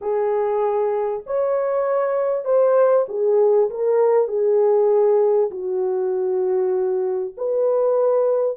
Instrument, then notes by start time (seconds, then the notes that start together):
horn
0.01 G#4
1.26 C#5
2.45 C5
3.08 G#4
3.70 A#4
4.28 G#4
5.50 F#4
7.37 B4